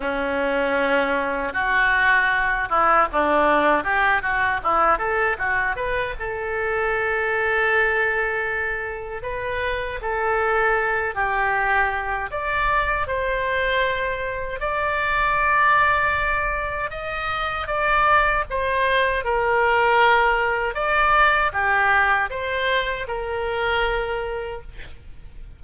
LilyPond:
\new Staff \with { instrumentName = "oboe" } { \time 4/4 \tempo 4 = 78 cis'2 fis'4. e'8 | d'4 g'8 fis'8 e'8 a'8 fis'8 b'8 | a'1 | b'4 a'4. g'4. |
d''4 c''2 d''4~ | d''2 dis''4 d''4 | c''4 ais'2 d''4 | g'4 c''4 ais'2 | }